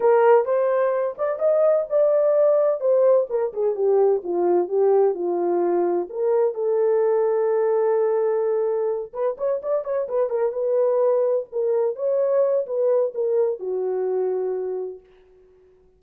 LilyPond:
\new Staff \with { instrumentName = "horn" } { \time 4/4 \tempo 4 = 128 ais'4 c''4. d''8 dis''4 | d''2 c''4 ais'8 gis'8 | g'4 f'4 g'4 f'4~ | f'4 ais'4 a'2~ |
a'2.~ a'8 b'8 | cis''8 d''8 cis''8 b'8 ais'8 b'4.~ | b'8 ais'4 cis''4. b'4 | ais'4 fis'2. | }